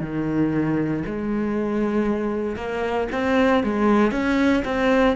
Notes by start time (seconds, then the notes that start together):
0.00 D#3
1.06 G#3
2.56 A#3
3.12 C4
3.63 G#3
4.11 C#4
4.65 C4